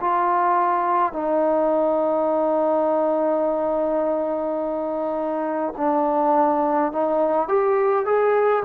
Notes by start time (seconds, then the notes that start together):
0.00 F4
1.12 D#4
5.77 D4
6.92 D#4
7.48 G4
8.05 G#4